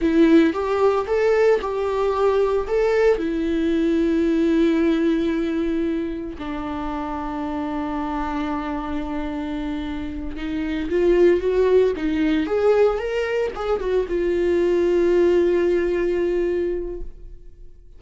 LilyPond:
\new Staff \with { instrumentName = "viola" } { \time 4/4 \tempo 4 = 113 e'4 g'4 a'4 g'4~ | g'4 a'4 e'2~ | e'1 | d'1~ |
d'2.~ d'8 dis'8~ | dis'8 f'4 fis'4 dis'4 gis'8~ | gis'8 ais'4 gis'8 fis'8 f'4.~ | f'1 | }